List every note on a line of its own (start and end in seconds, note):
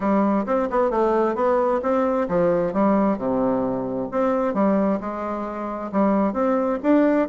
0.00 0.45 G3
0.45 0.68 C4
0.70 0.90 B3
0.90 1.35 A3
1.35 1.80 B3
1.82 2.27 C4
2.28 2.73 F3
2.73 3.18 G3
3.18 4.08 C3
4.11 4.54 C4
4.54 4.99 G3
5.00 5.91 G#3
5.92 6.33 G3
6.33 6.78 C4
6.82 7.28 D4